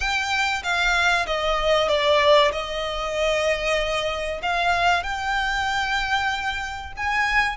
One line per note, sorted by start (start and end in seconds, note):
0.00 0.62 G5
0.63 1.26 F5
1.26 1.88 D#5
1.88 2.51 D5
2.51 4.41 D#5
4.42 5.03 F5
5.03 6.92 G5
6.96 7.56 G#5